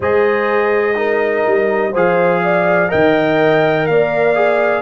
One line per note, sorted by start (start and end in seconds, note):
0.00 1.45 G#3
0.00 0.95 G#4
0.00 0.95 C5
0.00 1.95 D#5
0.95 1.92 D#4
0.95 1.91 A#4
1.46 1.94 G3
1.91 2.91 F3
1.91 2.88 G#4
1.91 2.40 C5
1.91 2.91 F5
2.43 2.90 D5
2.88 3.88 D#3
2.88 4.33 A#4
2.88 3.87 D#5
2.88 3.86 G5
3.86 4.81 A#3
3.86 4.81 D5
3.86 4.81 F5
4.35 4.81 G#4